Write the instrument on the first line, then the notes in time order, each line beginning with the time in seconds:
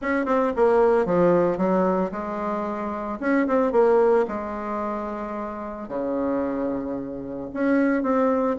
bassoon
0.01 C#4
0.25 C4
0.56 A#3
1.05 F3
1.57 F#3
2.11 G#3
3.20 C#4
3.47 C4
3.72 A#3
4.28 G#3
5.88 C#3
7.53 C#4
8.02 C4